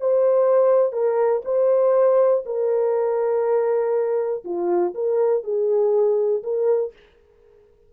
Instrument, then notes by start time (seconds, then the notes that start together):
horn
0.00 C5
0.93 A#4
1.45 C5
2.46 A#4
4.44 F4
4.94 A#4
5.44 G#4
6.43 A#4